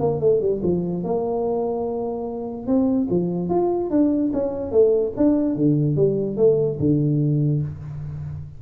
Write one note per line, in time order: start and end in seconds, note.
0.00 0.20 A#3
0.20 0.41 A3
0.41 0.61 G3
0.63 1.03 F3
1.03 2.67 A#3
2.67 3.08 C4
3.10 3.50 F3
3.50 3.90 F4
3.90 4.32 D4
4.33 4.72 C#4
4.72 5.13 A3
5.17 5.56 D4
5.56 5.96 D3
5.96 6.37 G3
6.37 6.78 A3
6.80 7.62 D3